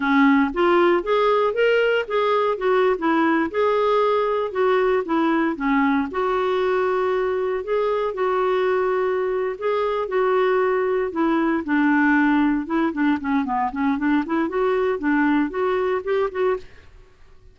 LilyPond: \new Staff \with { instrumentName = "clarinet" } { \time 4/4 \tempo 4 = 116 cis'4 f'4 gis'4 ais'4 | gis'4 fis'8. e'4 gis'4~ gis'16~ | gis'8. fis'4 e'4 cis'4 fis'16~ | fis'2~ fis'8. gis'4 fis'16~ |
fis'2~ fis'8 gis'4 fis'8~ | fis'4. e'4 d'4.~ | d'8 e'8 d'8 cis'8 b8 cis'8 d'8 e'8 | fis'4 d'4 fis'4 g'8 fis'8 | }